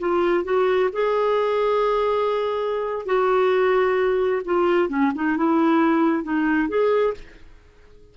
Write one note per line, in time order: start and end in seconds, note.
0.00 0.44 F4
0.44 0.90 F#4
0.92 3.06 G#4
3.06 4.42 F#4
4.45 4.89 F4
4.89 5.12 C#4
5.15 5.37 D#4
5.37 6.23 E4
6.23 6.68 D#4
6.68 7.14 G#4